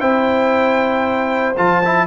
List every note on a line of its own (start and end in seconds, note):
0.00 1.56 C4
0.00 1.55 E4
0.00 2.07 C5
0.00 1.55 G5
1.57 2.07 F3
1.57 1.83 F4
1.57 2.07 A5
1.85 2.07 E4